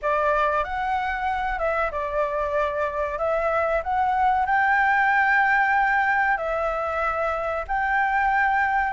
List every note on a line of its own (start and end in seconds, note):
0.02 0.64 D5
0.64 1.58 F#5
1.58 1.90 E5
1.91 3.18 D5
3.18 3.82 E5
3.83 4.46 F#5
4.46 6.37 G5
6.37 7.65 E5
7.67 8.93 G5